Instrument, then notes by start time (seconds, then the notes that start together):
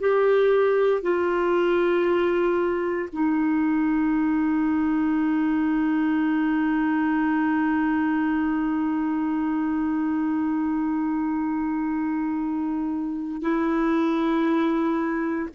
clarinet
0.00 G4
1.02 F4
3.13 D#4
13.42 E4